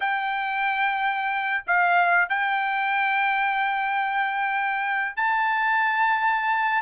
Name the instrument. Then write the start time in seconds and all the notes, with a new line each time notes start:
trumpet
0.00 G5
1.67 F5
2.29 G5
5.16 A5